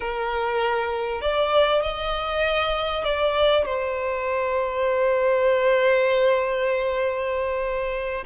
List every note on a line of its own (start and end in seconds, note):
0.00 1.21 A#4
1.21 1.82 D5
1.82 3.04 D#5
3.04 3.65 D5
3.65 8.24 C5